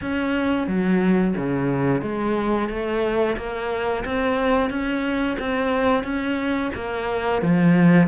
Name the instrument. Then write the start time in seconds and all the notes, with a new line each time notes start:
cello
0.01 C#4
0.67 F#3
1.36 C#3
2.01 G#3
2.69 A3
3.36 A#3
4.04 C4
4.69 C#4
5.39 C4
6.03 C#4
6.74 A#3
7.42 F3